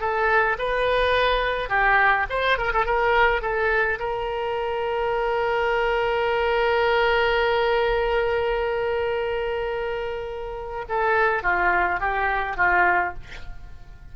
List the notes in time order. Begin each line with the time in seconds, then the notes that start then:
0.00 A4
0.59 B4
1.69 G4
2.30 C5
2.58 A#4
2.73 A4
2.86 A#4
3.42 A4
3.99 A#4
10.89 A4
11.43 F4
12.00 G4
12.57 F4